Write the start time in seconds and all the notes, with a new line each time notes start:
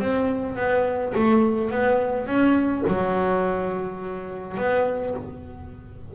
0.00 C4
0.57 B3
1.15 A3
1.71 B3
2.27 C#4
2.88 F#3
4.58 B3